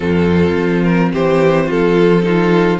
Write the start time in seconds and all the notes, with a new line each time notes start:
0.00 F2 C4 F4 A4
0.57 F3
0.83 A#4
1.12 E3 G4 C5
1.66 F3 F4 A4
2.21 D#4 F4 A4